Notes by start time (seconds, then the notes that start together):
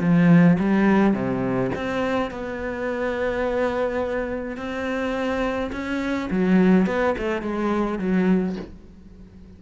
0.00 F3
0.59 G3
1.14 C3
1.75 C4
2.31 B3
4.57 C4
5.72 C#4
6.30 F#3
6.86 B3
7.18 A3
7.42 G#3
7.99 F#3